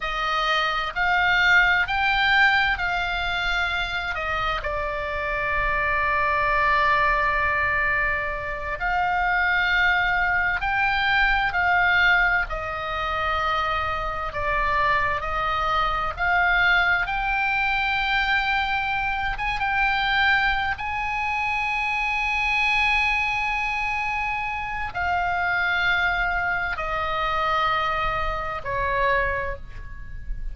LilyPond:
\new Staff \with { instrumentName = "oboe" } { \time 4/4 \tempo 4 = 65 dis''4 f''4 g''4 f''4~ | f''8 dis''8 d''2.~ | d''4. f''2 g''8~ | g''8 f''4 dis''2 d''8~ |
d''8 dis''4 f''4 g''4.~ | g''4 gis''16 g''4~ g''16 gis''4.~ | gis''2. f''4~ | f''4 dis''2 cis''4 | }